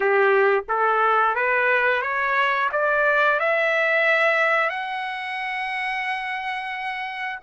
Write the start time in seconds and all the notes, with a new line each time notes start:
0.00 G4
0.68 A4
1.35 B4
2.02 C#5
2.72 D5
3.39 E5
4.69 F#5